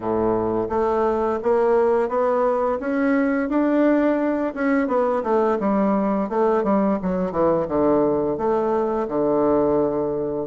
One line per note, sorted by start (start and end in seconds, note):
0.00 0.68 A2
0.69 1.39 A3
1.42 2.08 A#3
2.08 2.78 B3
2.80 3.49 C#4
3.49 4.53 D4
4.54 4.87 C#4
4.87 5.22 B3
5.23 5.58 A3
5.59 6.29 G3
6.29 6.63 A3
6.63 6.98 G3
7.02 7.31 F#3
7.31 7.66 E3
7.67 8.37 D3
8.37 9.07 A3
9.08 10.47 D3